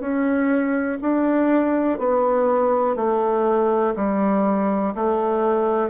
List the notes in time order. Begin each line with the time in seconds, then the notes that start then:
0.00 C#4
1.01 D4
1.99 B3
2.96 A3
3.96 G3
4.95 A3